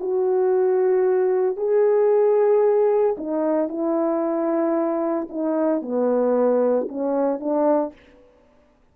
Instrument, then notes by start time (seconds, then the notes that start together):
horn
0.00 F#4
1.56 G#4
3.17 D#4
3.68 E4
5.29 D#4
5.81 B3
6.88 C#4
7.39 D4